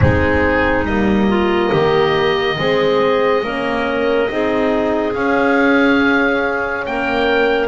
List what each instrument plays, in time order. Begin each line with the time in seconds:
0.00 double bass G#3, horn C4, clarinet D#4, oboe G#4
0.84 double bass G3, horn A#3, oboe D#5
1.28 clarinet F4
1.70 double bass D#3, clarinet G4
2.57 double bass G#3, horn C4, clarinet G#4
3.43 double bass A#3, horn C#4, clarinet A#4
4.27 double bass C4, horn D#4, clarinet G#4
5.14 horn C#4, double bass C#4, oboe F5
6.85 double bass A#3, clarinet A#4, oboe G5